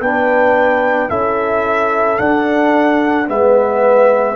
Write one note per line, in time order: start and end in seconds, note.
0.00 1.10 B3
0.00 1.09 D4
0.00 1.09 B4
0.00 1.10 G5
1.09 2.19 C#4
1.09 2.18 E4
1.09 3.27 A4
1.09 2.19 E5
2.18 3.27 D4
2.18 3.29 D4
2.18 3.28 F#5
3.27 4.36 G#3
3.27 4.36 B3
3.27 4.36 B4
3.27 4.36 E5